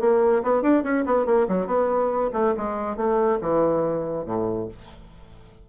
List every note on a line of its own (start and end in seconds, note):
0.00 0.43 A#3
0.43 0.62 B3
0.62 0.83 D4
0.83 1.05 C#4
1.05 1.26 B3
1.26 1.47 A#3
1.48 1.67 F#3
1.67 2.30 B3
2.33 2.54 A3
2.57 2.97 G#3
2.97 3.39 A3
3.41 4.25 E3
4.25 4.68 A2